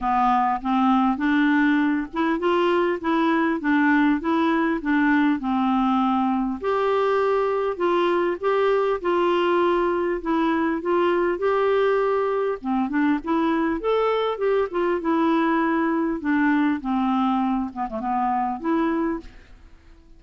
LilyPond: \new Staff \with { instrumentName = "clarinet" } { \time 4/4 \tempo 4 = 100 b4 c'4 d'4. e'8 | f'4 e'4 d'4 e'4 | d'4 c'2 g'4~ | g'4 f'4 g'4 f'4~ |
f'4 e'4 f'4 g'4~ | g'4 c'8 d'8 e'4 a'4 | g'8 f'8 e'2 d'4 | c'4. b16 a16 b4 e'4 | }